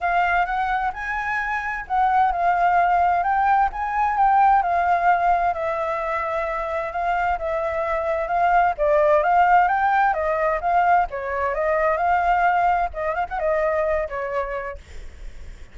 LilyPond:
\new Staff \with { instrumentName = "flute" } { \time 4/4 \tempo 4 = 130 f''4 fis''4 gis''2 | fis''4 f''2 g''4 | gis''4 g''4 f''2 | e''2. f''4 |
e''2 f''4 d''4 | f''4 g''4 dis''4 f''4 | cis''4 dis''4 f''2 | dis''8 f''16 fis''16 dis''4. cis''4. | }